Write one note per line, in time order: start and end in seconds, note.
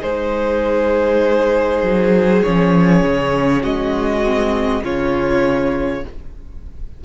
0.00 1.82 G#3
0.00 2.44 D#4
0.00 3.60 G#4
0.00 2.42 C5
1.82 2.42 F#3
2.42 3.03 F3
2.42 4.24 C#4
2.42 3.62 C#5
3.03 3.63 C#3
3.62 4.83 G#3
3.62 4.82 F#4
3.62 4.83 D#5
4.24 4.83 C4
4.83 6.03 C#3
4.83 6.03 C#4
4.83 6.03 F4
4.83 6.04 C#5